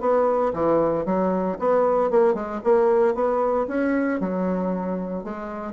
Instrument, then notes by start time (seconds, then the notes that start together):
bassoon
0.00 B3
0.53 E3
1.05 F#3
1.59 B3
2.10 A#3
2.34 G#3
2.64 A#3
3.14 B3
3.68 C#4
4.20 F#3
5.24 G#3